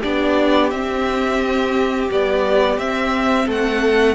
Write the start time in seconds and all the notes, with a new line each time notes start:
0.00 B3 D4 G4 D5
0.71 C4 E5
2.10 G3 B3 D5
2.78 C4 E5
3.47 A3 A4 F#5